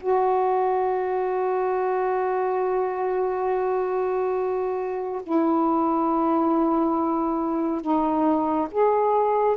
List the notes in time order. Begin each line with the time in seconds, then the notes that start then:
0.00 F#4
5.23 E4
7.81 D#4
8.71 G#4